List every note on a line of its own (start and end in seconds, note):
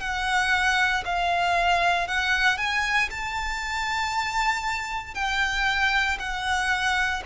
0.00 1.03 F#5
1.05 2.07 F5
2.07 2.57 F#5
2.57 3.09 G#5
3.10 5.14 A5
5.14 6.17 G5
6.19 7.22 F#5